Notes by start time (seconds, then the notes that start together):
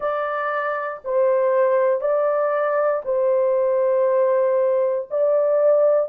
0.00 D5
1.04 C5
2.00 D5
3.05 C5
5.10 D5